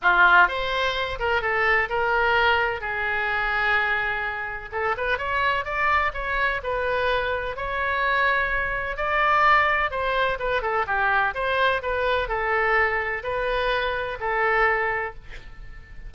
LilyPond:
\new Staff \with { instrumentName = "oboe" } { \time 4/4 \tempo 4 = 127 f'4 c''4. ais'8 a'4 | ais'2 gis'2~ | gis'2 a'8 b'8 cis''4 | d''4 cis''4 b'2 |
cis''2. d''4~ | d''4 c''4 b'8 a'8 g'4 | c''4 b'4 a'2 | b'2 a'2 | }